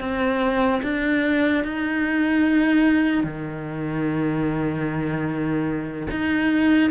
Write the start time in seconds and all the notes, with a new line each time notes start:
0.00 C4
0.83 D4
1.64 D#4
3.24 D#3
6.11 D#4